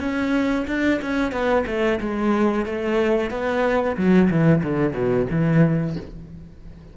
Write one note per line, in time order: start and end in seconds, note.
0.00 0.66 C#4
0.67 1.00 D4
1.02 1.32 C#4
1.32 1.65 B3
1.67 2.00 A3
2.00 2.66 G#3
2.66 3.31 A3
3.31 3.97 B3
3.97 4.30 F#3
4.30 4.63 E3
4.63 4.93 D3
4.93 5.26 B2
5.30 5.96 E3